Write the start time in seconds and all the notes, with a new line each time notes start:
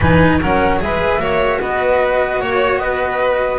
0.00 E3 D#4 B4 G#5
0.40 F#3 C#4 A#4 F#5
0.80 G#3 G#4 B4 E5
1.18 A#3 F#4 C#5
1.60 B3 B4 D#5
2.40 A#3 C#5
2.77 B3 B4 D#5